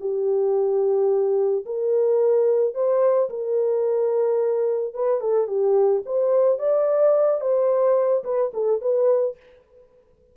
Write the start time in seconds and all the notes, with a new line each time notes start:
0.00 G4
1.66 A#4
2.74 C5
3.30 A#4
4.94 B4
5.21 A4
5.47 G4
6.06 C5
6.59 D5
7.41 C5
8.24 B4
8.54 A4
8.81 B4